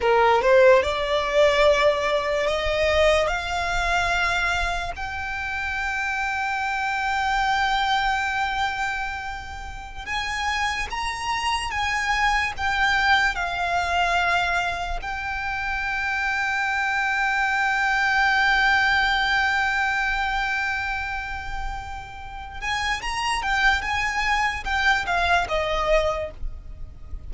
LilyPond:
\new Staff \with { instrumentName = "violin" } { \time 4/4 \tempo 4 = 73 ais'8 c''8 d''2 dis''4 | f''2 g''2~ | g''1~ | g''16 gis''4 ais''4 gis''4 g''8.~ |
g''16 f''2 g''4.~ g''16~ | g''1~ | g''2.~ g''8 gis''8 | ais''8 g''8 gis''4 g''8 f''8 dis''4 | }